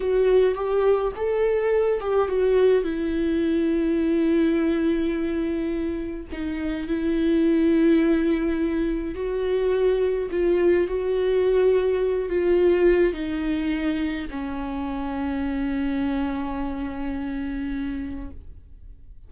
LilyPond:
\new Staff \with { instrumentName = "viola" } { \time 4/4 \tempo 4 = 105 fis'4 g'4 a'4. g'8 | fis'4 e'2.~ | e'2. dis'4 | e'1 |
fis'2 f'4 fis'4~ | fis'4. f'4. dis'4~ | dis'4 cis'2.~ | cis'1 | }